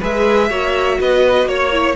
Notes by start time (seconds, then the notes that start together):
0.00 G#3 G#4 B4 E5
0.50 A#3 F#4 C#5
1.01 B3 B4 D#5
1.45 A#3 C#5
1.72 E4